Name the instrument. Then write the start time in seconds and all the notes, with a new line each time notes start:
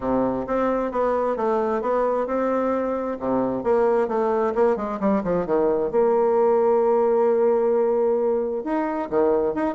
bassoon
0.00 C3
0.46 C4
0.91 B3
1.36 A3
1.81 B3
2.26 C4
3.19 C3
3.63 A#3
4.08 A3
4.55 A#3
4.76 G#3
5.00 G3
5.23 F3
5.46 D#3
5.91 A#3
8.63 D#4
9.10 D#3
9.54 D#4